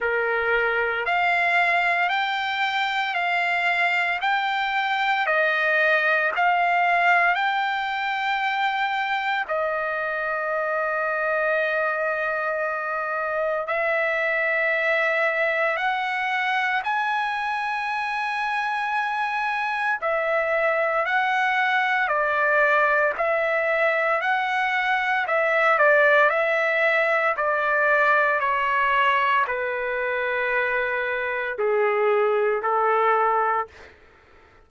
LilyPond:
\new Staff \with { instrumentName = "trumpet" } { \time 4/4 \tempo 4 = 57 ais'4 f''4 g''4 f''4 | g''4 dis''4 f''4 g''4~ | g''4 dis''2.~ | dis''4 e''2 fis''4 |
gis''2. e''4 | fis''4 d''4 e''4 fis''4 | e''8 d''8 e''4 d''4 cis''4 | b'2 gis'4 a'4 | }